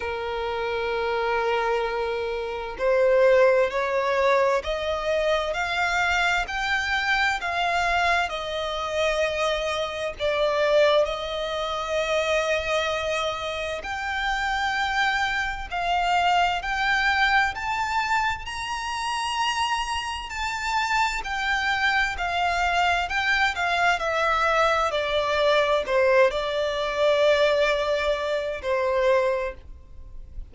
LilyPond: \new Staff \with { instrumentName = "violin" } { \time 4/4 \tempo 4 = 65 ais'2. c''4 | cis''4 dis''4 f''4 g''4 | f''4 dis''2 d''4 | dis''2. g''4~ |
g''4 f''4 g''4 a''4 | ais''2 a''4 g''4 | f''4 g''8 f''8 e''4 d''4 | c''8 d''2~ d''8 c''4 | }